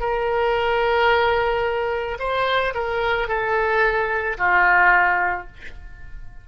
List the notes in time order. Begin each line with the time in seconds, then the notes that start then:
0.00 A#4
2.19 C5
2.75 A#4
3.28 A4
4.38 F4